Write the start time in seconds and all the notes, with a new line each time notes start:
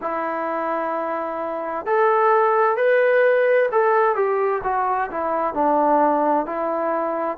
0.01 E4
1.85 A4
2.77 B4
3.71 A4
4.15 G4
4.63 F#4
5.10 E4
5.53 D4
6.46 E4